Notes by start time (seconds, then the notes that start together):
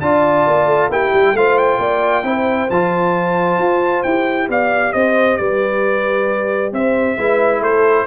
0.00 D4 F4 D5 A5
0.47 A#3
0.65 A3
0.88 A#3 E4 G4 G5
1.13 G3
1.33 A3 F4 C5 F5
1.57 G5
1.78 A#3 D5
2.22 C4 E4 C5
2.70 F3 F4 A5
3.58 F4
4.02 E4 G4 G5
4.48 B3 D5 F5
4.92 C4 C5 D#5
5.36 G3 B4 D5
6.72 C4 C5 E5
7.17 G#3 E4 B4
7.60 A3 A4 C5